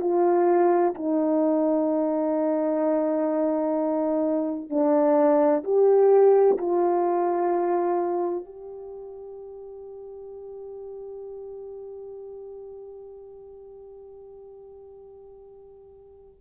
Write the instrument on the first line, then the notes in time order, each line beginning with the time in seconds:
horn
0.00 F4
0.94 D#4
4.70 D4
5.63 G4
6.58 F4
8.45 G4